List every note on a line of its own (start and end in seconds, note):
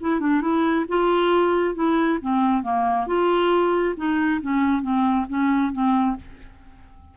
0.00 0.20 E4
0.20 0.41 D4
0.41 0.85 E4
0.88 1.74 F4
1.74 2.19 E4
2.21 2.62 C4
2.62 3.06 A#3
3.06 3.95 F4
3.96 4.41 D#4
4.41 4.82 C#4
4.82 5.26 C4
5.29 5.72 C#4
5.72 6.16 C4